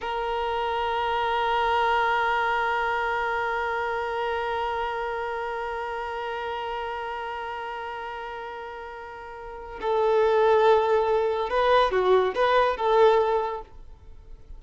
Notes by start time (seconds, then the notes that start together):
0.01 A#4
9.81 A4
11.49 B4
11.91 F#4
12.34 B4
12.76 A4